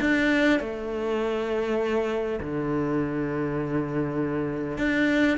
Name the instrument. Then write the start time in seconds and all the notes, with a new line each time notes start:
cello
0.00 D4
0.60 A3
2.41 D3
4.78 D4